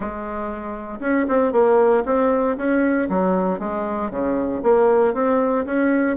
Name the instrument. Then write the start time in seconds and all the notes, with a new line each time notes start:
bassoon
0.00 G#3
1.00 C#4
1.28 C4
1.52 A#3
2.05 C4
2.57 C#4
3.09 F#3
3.59 G#3
4.10 C#3
4.62 A#3
5.14 C4
5.65 C#4